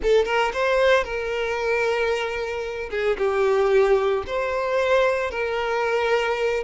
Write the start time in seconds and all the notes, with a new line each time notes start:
0.02 A4
0.25 A#4
0.53 C5
1.04 A#4
2.90 G#4
3.17 G4
4.26 C5
5.30 A#4